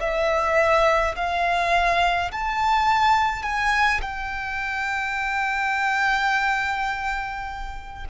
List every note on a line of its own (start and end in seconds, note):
0.00 1.15 E5
1.15 2.31 F5
2.31 3.43 A5
3.43 4.01 G#5
4.01 8.05 G5